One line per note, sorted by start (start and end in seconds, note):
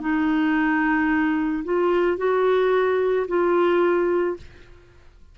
0.00 1.64 D#4
1.64 2.18 F4
2.18 3.27 F#4
3.28 4.37 F4